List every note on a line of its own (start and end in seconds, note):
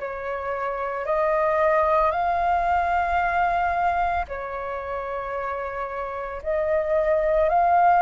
0.00 1.06 C#5
1.06 2.11 D#5
2.11 4.26 F5
4.28 6.42 C#5
6.43 7.50 D#5
7.50 8.03 F5